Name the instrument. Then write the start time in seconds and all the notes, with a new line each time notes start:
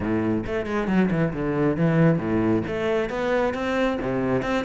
cello
0.00 A2
0.46 A3
0.65 G#3
0.87 F#3
1.10 E3
1.33 D3
1.76 E3
2.18 A2
2.67 A3
3.09 B3
3.54 C4
4.01 C3
4.42 C4